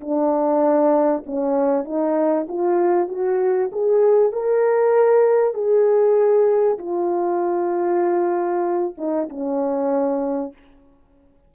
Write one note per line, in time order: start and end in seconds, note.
0.00 1.24 D4
1.26 1.84 C#4
1.84 2.46 D#4
2.48 3.08 F4
3.08 3.70 F#4
3.72 4.32 G#4
4.32 5.54 A#4
5.54 6.78 G#4
6.78 8.95 F4
8.97 9.28 D#4
9.29 10.53 C#4